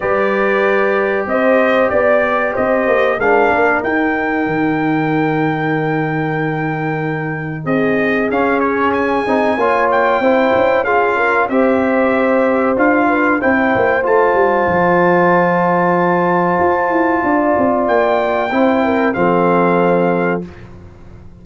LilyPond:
<<
  \new Staff \with { instrumentName = "trumpet" } { \time 4/4 \tempo 4 = 94 d''2 dis''4 d''4 | dis''4 f''4 g''2~ | g''1 | dis''4 f''8 cis''8 gis''4. g''8~ |
g''4 f''4 e''2 | f''4 g''4 a''2~ | a''1 | g''2 f''2 | }
  \new Staff \with { instrumentName = "horn" } { \time 4/4 b'2 c''4 d''4 | c''4 ais'2.~ | ais'1 | gis'2. cis''4 |
c''4 gis'8 ais'8 c''2~ | c''8 b'8 c''2.~ | c''2. d''4~ | d''4 c''8 ais'8 a'2 | }
  \new Staff \with { instrumentName = "trombone" } { \time 4/4 g'1~ | g'4 d'4 dis'2~ | dis'1~ | dis'4 cis'4. dis'8 f'4 |
e'4 f'4 g'2 | f'4 e'4 f'2~ | f'1~ | f'4 e'4 c'2 | }
  \new Staff \with { instrumentName = "tuba" } { \time 4/4 g2 c'4 b4 | c'8 ais8 gis8 ais8 dis'4 dis4~ | dis1 | c'4 cis'4. c'8 ais4 |
c'8 cis'4. c'2 | d'4 c'8 ais8 a8 g8 f4~ | f2 f'8 e'8 d'8 c'8 | ais4 c'4 f2 | }
>>